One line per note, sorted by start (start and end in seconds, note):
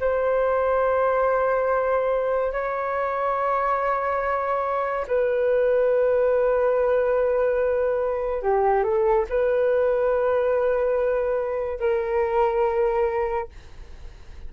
0.00 2.52 C5
2.52 5.06 C#5
5.07 8.42 B4
8.42 8.83 G4
8.83 9.25 A4
9.29 11.79 B4
11.79 13.48 A#4